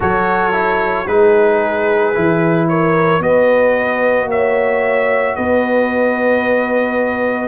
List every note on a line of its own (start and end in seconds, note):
0.00 1.06 F#3
0.00 0.52 F#4
0.00 1.07 A4
0.00 1.07 C#5
0.52 1.06 E4
1.06 2.13 G#3
1.06 2.14 D#4
1.06 2.68 G#4
1.06 2.68 B4
2.14 3.19 E3
2.14 3.21 E4
2.68 3.22 A#4
2.68 3.21 C#5
3.19 4.26 B3
3.19 7.47 F#4
3.19 4.29 B4
3.19 4.29 D#5
4.26 5.33 A#3
4.26 5.36 C#5
4.26 5.35 E5
5.35 7.47 B3
5.35 7.47 B4
5.35 7.47 D#5